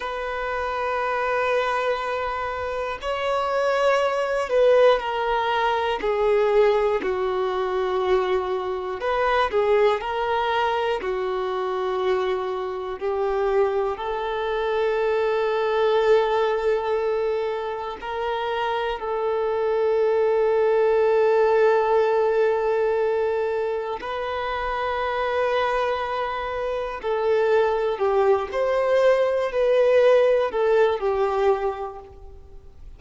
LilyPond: \new Staff \with { instrumentName = "violin" } { \time 4/4 \tempo 4 = 60 b'2. cis''4~ | cis''8 b'8 ais'4 gis'4 fis'4~ | fis'4 b'8 gis'8 ais'4 fis'4~ | fis'4 g'4 a'2~ |
a'2 ais'4 a'4~ | a'1 | b'2. a'4 | g'8 c''4 b'4 a'8 g'4 | }